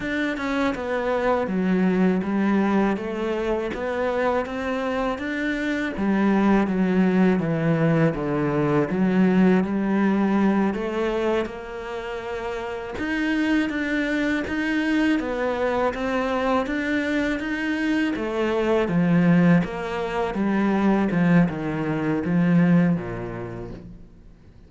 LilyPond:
\new Staff \with { instrumentName = "cello" } { \time 4/4 \tempo 4 = 81 d'8 cis'8 b4 fis4 g4 | a4 b4 c'4 d'4 | g4 fis4 e4 d4 | fis4 g4. a4 ais8~ |
ais4. dis'4 d'4 dis'8~ | dis'8 b4 c'4 d'4 dis'8~ | dis'8 a4 f4 ais4 g8~ | g8 f8 dis4 f4 ais,4 | }